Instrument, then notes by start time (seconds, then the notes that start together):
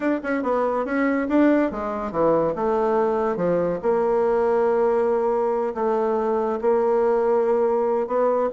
bassoon
0.00 D4
0.23 C#4
0.43 B3
0.85 C#4
1.28 D4
1.71 G#3
2.11 E3
2.55 A3
3.36 F3
3.82 A#3
5.74 A3
6.61 A#3
8.07 B3